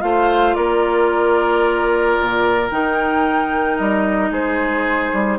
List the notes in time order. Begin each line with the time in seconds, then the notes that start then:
0.00 A3 F4 C5 F5
0.54 A#3 A#4 D5
2.20 A#2
2.71 D#3 D#4 G5
3.78 G3 D#5
4.31 G#3 G#4 C5
5.13 G3